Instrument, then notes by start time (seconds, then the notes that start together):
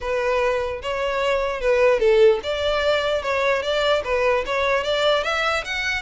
violin
0.01 B4
0.82 C#5
1.60 B4
1.99 A4
2.43 D5
3.22 C#5
3.62 D5
4.04 B4
4.46 C#5
4.83 D5
5.23 E5
5.64 F#5